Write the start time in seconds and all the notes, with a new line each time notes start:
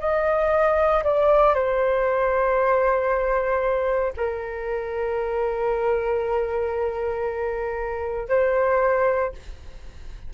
0.00 D#5
1.04 D5
1.55 C5
4.17 A#4
8.29 C5